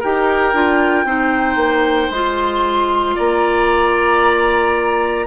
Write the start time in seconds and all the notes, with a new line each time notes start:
0.00 D#4 G4 A#4 G5
0.54 D4 F4
1.05 C4 D#4 C5
1.56 A#3
2.11 G#3 F4 C6
3.15 A#3 D5 A#5